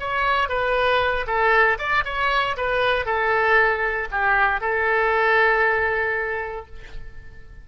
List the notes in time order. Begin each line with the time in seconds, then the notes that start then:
0.00 C#5
0.49 B4
1.27 A4
1.79 D5
2.05 C#5
2.57 B4
3.06 A4
4.12 G4
4.61 A4